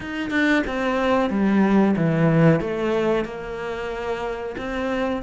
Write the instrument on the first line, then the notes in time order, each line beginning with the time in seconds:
cello
0.00 D#4
0.30 D4
0.66 C4
1.30 G3
1.96 E3
2.60 A3
3.25 A#3
4.57 C4